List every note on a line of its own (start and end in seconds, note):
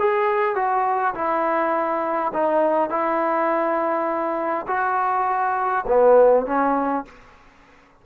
0.00 0.56 G#4
0.56 1.15 F#4
1.15 2.33 E4
2.34 2.90 D#4
2.90 4.67 E4
4.68 5.86 F#4
5.88 6.47 B3
6.47 7.05 C#4